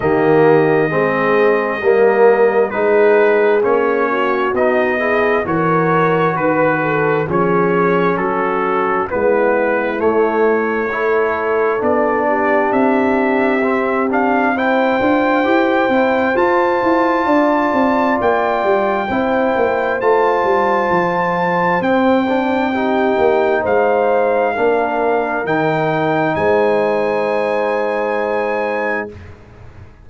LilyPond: <<
  \new Staff \with { instrumentName = "trumpet" } { \time 4/4 \tempo 4 = 66 dis''2. b'4 | cis''4 dis''4 cis''4 b'4 | cis''4 a'4 b'4 cis''4~ | cis''4 d''4 e''4. f''8 |
g''2 a''2 | g''2 a''2 | g''2 f''2 | g''4 gis''2. | }
  \new Staff \with { instrumentName = "horn" } { \time 4/4 g'4 gis'4 ais'4 gis'4~ | gis'8 fis'4 gis'8 ais'4 b'8 a'8 | gis'4 fis'4 e'2 | a'4. g'2~ g'8 |
c''2. d''4~ | d''4 c''2.~ | c''4 g'4 c''4 ais'4~ | ais'4 c''2. | }
  \new Staff \with { instrumentName = "trombone" } { \time 4/4 ais4 c'4 ais4 dis'4 | cis'4 dis'8 e'8 fis'2 | cis'2 b4 a4 | e'4 d'2 c'8 d'8 |
e'8 f'8 g'8 e'8 f'2~ | f'4 e'4 f'2 | c'8 d'8 dis'2 d'4 | dis'1 | }
  \new Staff \with { instrumentName = "tuba" } { \time 4/4 dis4 gis4 g4 gis4 | ais4 b4 e4 dis4 | f4 fis4 gis4 a4~ | a4 b4 c'2~ |
c'8 d'8 e'8 c'8 f'8 e'8 d'8 c'8 | ais8 g8 c'8 ais8 a8 g8 f4 | c'4. ais8 gis4 ais4 | dis4 gis2. | }
>>